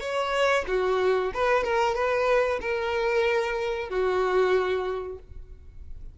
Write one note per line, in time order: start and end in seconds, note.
0.00 0.65 C#5
0.67 1.32 F#4
1.33 1.63 B4
1.63 1.95 A#4
1.95 2.59 B4
2.61 3.89 A#4
3.89 5.18 F#4